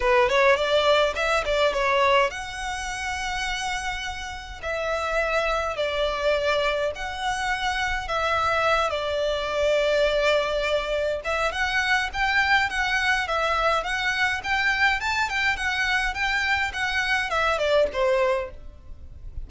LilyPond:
\new Staff \with { instrumentName = "violin" } { \time 4/4 \tempo 4 = 104 b'8 cis''8 d''4 e''8 d''8 cis''4 | fis''1 | e''2 d''2 | fis''2 e''4. d''8~ |
d''2.~ d''8 e''8 | fis''4 g''4 fis''4 e''4 | fis''4 g''4 a''8 g''8 fis''4 | g''4 fis''4 e''8 d''8 c''4 | }